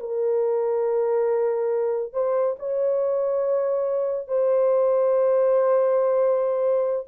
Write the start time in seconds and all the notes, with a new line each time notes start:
0.00 A#4
2.13 C5
2.59 C#5
4.28 C5